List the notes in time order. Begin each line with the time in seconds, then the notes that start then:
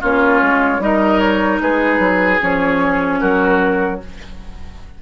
0.00 A#3 C#4 F4 C#5
0.42 G#3
0.79 G3 D#4 A#4 D#5
1.19 C#5
1.61 G#3 G#4 B4
1.98 F#3
2.40 F3 C#4 C#5
3.20 F#3 F#4 A#4